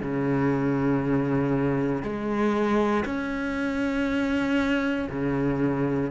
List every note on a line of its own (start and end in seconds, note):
0.00 2.02 C#3
2.02 3.04 G#3
3.05 5.08 C#4
5.09 6.10 C#3